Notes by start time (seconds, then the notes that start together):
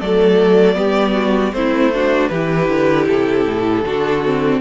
0.00 F#3 A3 A4 D5
0.75 G3 B3 G4
1.14 F#4
1.53 A3 C4 E4 C5
1.94 D4 F#4
2.28 E3 G4 B4
2.34 E4
2.69 D3
3.07 C3 A4
3.46 A2
3.84 D3 D4 F#4
4.25 C4